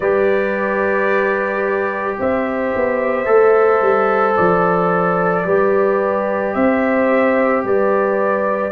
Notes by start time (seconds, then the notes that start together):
0.00 G3 G4 B4 D5
2.19 C4 C5 E5
2.75 B3
3.25 A3 A4
3.81 G3
4.35 F3 D5
5.44 G3 G4 B4
6.53 C4 C5 E5
7.63 G3 B4 D5